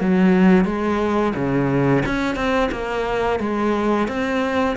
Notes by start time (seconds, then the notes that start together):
0.00 F#3
0.65 G#3
1.35 C#3
2.05 C#4
2.36 C4
2.71 A#3
3.40 G#3
4.08 C4